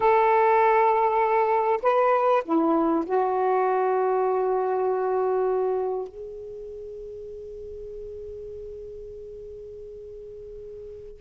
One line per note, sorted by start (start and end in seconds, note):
0.00 1.80 A4
1.82 2.43 B4
2.44 3.04 E4
3.05 6.08 F#4
6.08 11.20 G#4